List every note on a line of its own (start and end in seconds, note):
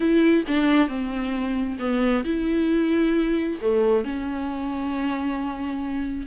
0.00 0.44 E4
0.47 0.88 D4
0.88 1.77 C4
1.79 2.23 B3
2.24 3.58 E4
3.61 4.04 A3
4.04 6.26 C#4